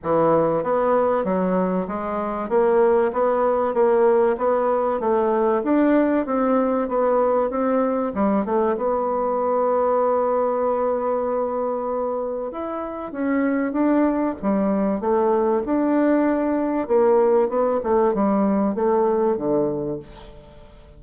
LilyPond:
\new Staff \with { instrumentName = "bassoon" } { \time 4/4 \tempo 4 = 96 e4 b4 fis4 gis4 | ais4 b4 ais4 b4 | a4 d'4 c'4 b4 | c'4 g8 a8 b2~ |
b1 | e'4 cis'4 d'4 g4 | a4 d'2 ais4 | b8 a8 g4 a4 d4 | }